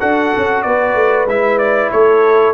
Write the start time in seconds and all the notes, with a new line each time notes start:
0.00 D4 F#4 A4 F#5
0.37 C#4
0.63 B3 B4 D5
0.95 A3
1.26 G#3 E4 E5
1.59 D5
1.92 A3 A4 C#5